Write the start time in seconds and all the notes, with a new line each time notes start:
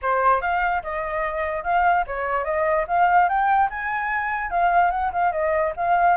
0.01 C5
0.41 F5
0.82 D#5
1.63 F5
2.07 C#5
2.44 D#5
2.87 F5
3.28 G5
3.69 G#5
4.50 F5
4.91 F#5
5.12 F5
5.32 D#5
5.76 F5